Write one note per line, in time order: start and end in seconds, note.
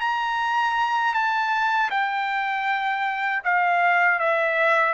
0.00 1.14 A#5
1.14 1.90 A5
1.90 3.42 G5
3.43 4.19 F5
4.19 4.93 E5